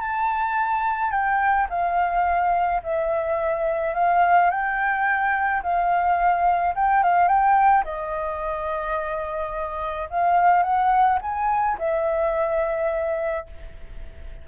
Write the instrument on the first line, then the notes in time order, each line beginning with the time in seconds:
flute
0.00 A5
1.11 G5
1.69 F5
2.83 E5
3.94 F5
4.50 G5
5.63 F5
6.75 G5
7.03 F5
7.28 G5
7.84 D#5
10.10 F5
10.62 F#5
11.21 G#5
11.78 E5